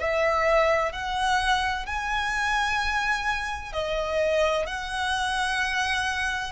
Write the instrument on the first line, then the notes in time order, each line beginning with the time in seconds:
violin
0.00 E5
0.93 F#5
1.87 G#5
3.73 D#5
4.67 F#5